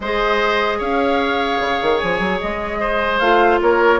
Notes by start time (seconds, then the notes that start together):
0.00 G#3 G#4 C5 D#5
0.78 C#4 C#5 F5
1.60 C#3
1.82 D#3
1.99 F3 G#5
2.19 F#3
2.40 G#3 D#5
2.80 C5
3.19 A3 F4 F5
3.61 A#3 A#4 C#5